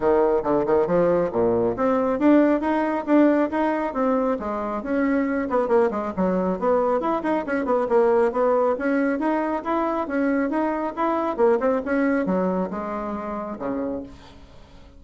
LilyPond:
\new Staff \with { instrumentName = "bassoon" } { \time 4/4 \tempo 4 = 137 dis4 d8 dis8 f4 ais,4 | c'4 d'4 dis'4 d'4 | dis'4 c'4 gis4 cis'4~ | cis'8 b8 ais8 gis8 fis4 b4 |
e'8 dis'8 cis'8 b8 ais4 b4 | cis'4 dis'4 e'4 cis'4 | dis'4 e'4 ais8 c'8 cis'4 | fis4 gis2 cis4 | }